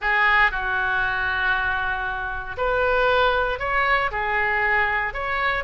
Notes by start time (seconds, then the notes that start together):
0.01 G#4
0.51 F#4
2.57 B4
3.59 C#5
4.11 G#4
5.13 C#5